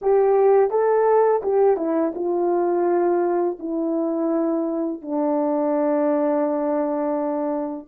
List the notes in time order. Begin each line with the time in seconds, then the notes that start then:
0.01 G4
0.70 A4
1.43 G4
1.77 E4
2.15 F4
3.59 E4
5.01 D4